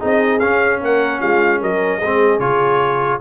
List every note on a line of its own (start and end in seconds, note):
0.00 0.41 C4
0.00 0.40 D#4
0.00 0.80 G#4
0.00 0.40 D#5
0.40 0.81 C#4
0.40 2.02 C#4
0.40 0.80 F5
0.80 1.21 A#3
0.80 1.20 A#4
0.80 1.21 F#5
1.20 1.62 G#3
1.20 1.60 F4
1.20 1.61 F5
1.61 2.02 F#3
1.61 1.99 A#4
1.61 2.40 D#5
1.99 2.40 G#3
1.99 3.19 G#4
2.06 2.40 C4
2.40 3.20 C#3
2.40 3.20 F4
2.40 3.20 C#5